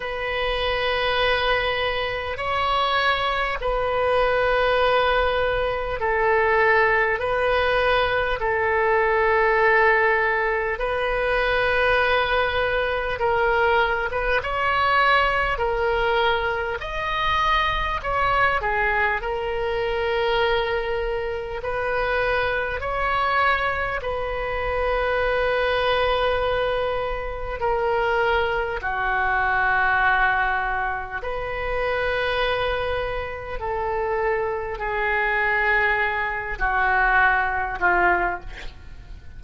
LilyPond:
\new Staff \with { instrumentName = "oboe" } { \time 4/4 \tempo 4 = 50 b'2 cis''4 b'4~ | b'4 a'4 b'4 a'4~ | a'4 b'2 ais'8. b'16 | cis''4 ais'4 dis''4 cis''8 gis'8 |
ais'2 b'4 cis''4 | b'2. ais'4 | fis'2 b'2 | a'4 gis'4. fis'4 f'8 | }